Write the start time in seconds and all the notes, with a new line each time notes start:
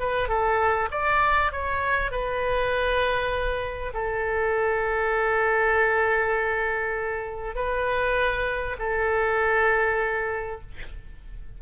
0.00 B4
0.29 A4
0.92 D5
1.53 C#5
2.12 B4
3.94 A4
7.56 B4
8.80 A4